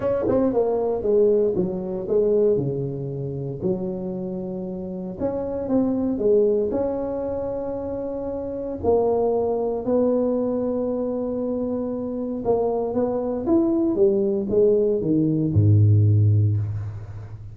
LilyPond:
\new Staff \with { instrumentName = "tuba" } { \time 4/4 \tempo 4 = 116 cis'8 c'8 ais4 gis4 fis4 | gis4 cis2 fis4~ | fis2 cis'4 c'4 | gis4 cis'2.~ |
cis'4 ais2 b4~ | b1 | ais4 b4 e'4 g4 | gis4 dis4 gis,2 | }